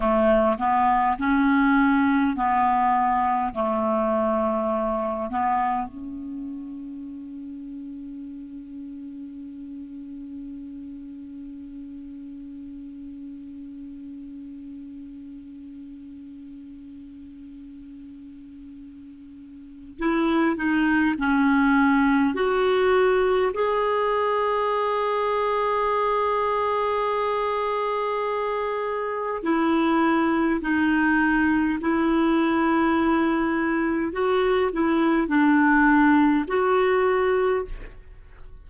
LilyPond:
\new Staff \with { instrumentName = "clarinet" } { \time 4/4 \tempo 4 = 51 a8 b8 cis'4 b4 a4~ | a8 b8 cis'2.~ | cis'1~ | cis'1~ |
cis'4 e'8 dis'8 cis'4 fis'4 | gis'1~ | gis'4 e'4 dis'4 e'4~ | e'4 fis'8 e'8 d'4 fis'4 | }